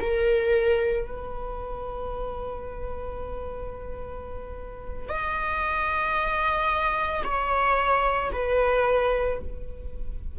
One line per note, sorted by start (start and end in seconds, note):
0.00 1.07 A#4
1.07 5.08 B4
5.08 7.23 D#5
7.24 8.31 C#5
8.32 9.39 B4